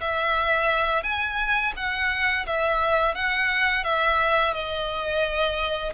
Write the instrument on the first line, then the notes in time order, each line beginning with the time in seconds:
violin
0.00 E5
1.03 G#5
1.76 F#5
2.46 E5
3.14 F#5
3.83 E5
4.53 D#5